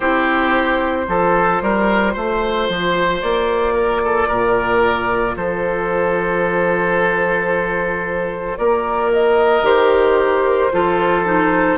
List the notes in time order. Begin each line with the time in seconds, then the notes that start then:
0.00 C4 E4 G4 C5
1.07 F3 F4 A4
1.61 G3 A#4
2.13 A3 C5
2.69 F3
3.21 A#3 D5
3.74 A#4
4.04 A4
4.27 A#2 A#4
5.35 F3 A4 C5
8.57 A#3 A#4 D5
9.12 D#5
9.62 D#3 G4 C5
10.72 F3 F4 A4
11.25 D#4